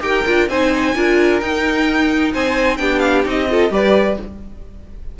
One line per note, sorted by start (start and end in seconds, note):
0.00 0.23 D#4
0.00 0.23 G4
0.00 0.49 A#4
0.00 0.48 G5
0.26 0.48 D4
0.26 0.49 F4
0.48 0.94 C4
0.48 0.95 D#4
0.48 0.95 C5
0.48 1.40 G#5
0.95 1.41 D4
0.95 1.42 F4
0.95 2.32 A#4
1.40 2.34 D#4
1.40 2.78 D#4
1.40 2.32 G5
2.32 2.79 C4
2.32 2.78 C5
2.32 2.77 G#5
2.77 3.25 B3
2.77 3.24 D4
2.77 3.50 G4
2.77 2.99 G5
2.99 3.22 F5
3.24 3.70 C4
3.24 3.47 D#4
3.24 3.73 D#5
3.50 3.70 F4
3.50 3.73 A4
3.70 4.16 G3
3.70 4.16 G4
3.70 4.19 B4
3.70 4.19 D5